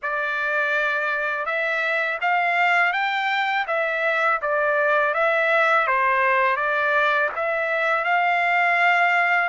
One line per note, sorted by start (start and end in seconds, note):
0.02 1.45 D5
1.45 2.18 E5
2.21 2.92 F5
2.92 3.66 G5
3.67 4.40 E5
4.41 5.14 D5
5.14 5.87 E5
5.87 6.56 C5
6.56 7.29 D5
7.35 8.04 E5
8.04 9.49 F5